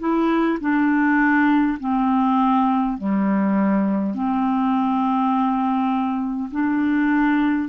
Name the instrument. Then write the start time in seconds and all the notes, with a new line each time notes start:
clarinet
0.00 E4
0.61 D4
1.80 C4
2.98 G3
4.15 C4
6.52 D4